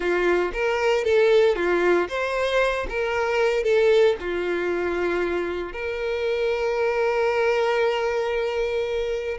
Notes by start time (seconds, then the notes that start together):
0.00 F4
0.53 A#4
1.04 A4
1.55 F4
2.08 C5
2.89 A#4
3.63 A4
4.20 F4
5.72 A#4